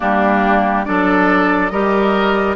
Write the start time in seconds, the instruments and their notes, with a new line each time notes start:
0.00 bassoon G3, clarinet A#3, oboe D4, flute G4
0.85 bassoon F#3, clarinet D4, oboe A4, flute D5
1.69 bassoon G3, clarinet G4, oboe A#4, flute D#5